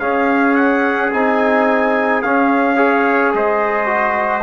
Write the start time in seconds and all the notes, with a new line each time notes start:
0.00 C#4 G#4 F5
0.56 F#5
1.12 C4 D#4 G#5
2.23 C#4 F5
2.76 G#4 C#5
3.34 G#3 C5 D#5
3.86 F#4